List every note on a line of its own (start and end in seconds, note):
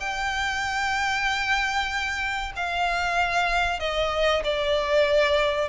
0.00 2.53 G5
2.56 3.80 F5
3.80 4.43 D#5
4.44 5.69 D5